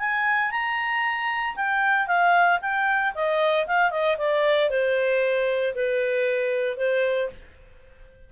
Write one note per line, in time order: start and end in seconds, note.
0.00 0.52 G#5
0.52 1.56 A#5
1.56 2.08 G5
2.08 2.60 F5
2.62 3.14 G5
3.15 3.67 D#5
3.67 3.91 F5
3.91 4.17 D#5
4.18 4.70 D5
4.70 5.75 C5
5.76 6.78 B4
6.78 7.30 C5